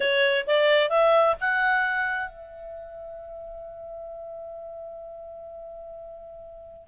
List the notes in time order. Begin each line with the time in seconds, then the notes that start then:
0.00 C#5
0.47 D5
0.89 E5
1.40 F#5
2.29 E5